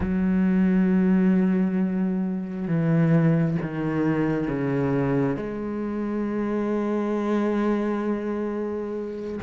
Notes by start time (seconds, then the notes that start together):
0.00 F#3
2.67 E3
3.61 D#3
4.47 C#3
5.36 G#3